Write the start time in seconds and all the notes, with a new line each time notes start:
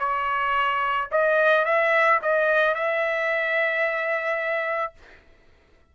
0.00 C#5
1.12 D#5
1.66 E5
2.23 D#5
2.75 E5